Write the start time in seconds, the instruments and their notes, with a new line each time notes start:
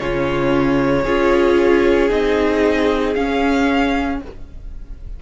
0.00 cello C#3, viola C#4, violin F4 C#5
1.03 cello C#4, viola F4, violin G#4
2.10 cello C4, viola D#4, violin D#5
3.15 viola C#4, cello C#4, violin F5